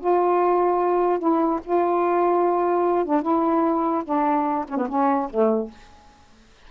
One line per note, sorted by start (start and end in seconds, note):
0.00 1.19 F4
1.19 1.60 E4
1.64 3.05 F4
3.05 3.22 D4
3.22 4.03 E4
4.04 4.65 D4
4.69 4.78 C#4
4.78 4.88 B3
4.89 5.30 C#4
5.30 5.71 A3